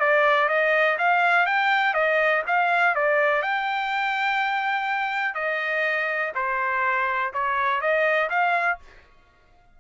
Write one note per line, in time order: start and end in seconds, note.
0.00 0.49 D5
0.49 0.98 D#5
0.98 1.46 F5
1.46 1.94 G5
1.94 2.43 D#5
2.47 2.95 F5
2.95 3.42 D5
3.42 5.35 G5
5.35 6.32 D#5
6.35 7.33 C5
7.34 7.81 C#5
7.81 8.30 D#5
8.30 8.79 F5